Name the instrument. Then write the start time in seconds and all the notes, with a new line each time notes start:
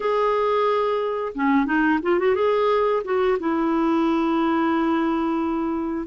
clarinet
0.00 G#4
1.35 C#4
1.65 D#4
2.02 F4
2.19 F#4
2.35 G#4
3.04 F#4
3.39 E4